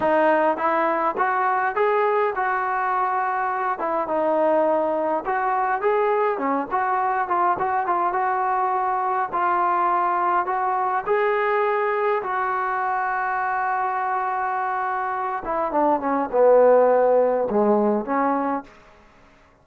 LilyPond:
\new Staff \with { instrumentName = "trombone" } { \time 4/4 \tempo 4 = 103 dis'4 e'4 fis'4 gis'4 | fis'2~ fis'8 e'8 dis'4~ | dis'4 fis'4 gis'4 cis'8 fis'8~ | fis'8 f'8 fis'8 f'8 fis'2 |
f'2 fis'4 gis'4~ | gis'4 fis'2.~ | fis'2~ fis'8 e'8 d'8 cis'8 | b2 gis4 cis'4 | }